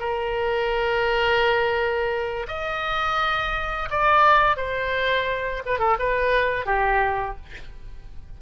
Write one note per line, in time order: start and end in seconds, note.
0.00 2.47 A#4
2.48 3.89 D#5
3.90 4.57 D5
4.57 5.63 C5
5.66 5.79 B4
5.79 5.97 A4
5.99 6.66 B4
6.66 7.37 G4